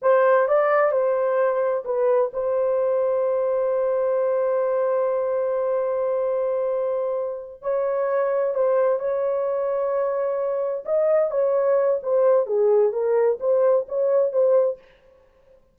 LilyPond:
\new Staff \with { instrumentName = "horn" } { \time 4/4 \tempo 4 = 130 c''4 d''4 c''2 | b'4 c''2.~ | c''1~ | c''1~ |
c''8 cis''2 c''4 cis''8~ | cis''2.~ cis''8 dis''8~ | dis''8 cis''4. c''4 gis'4 | ais'4 c''4 cis''4 c''4 | }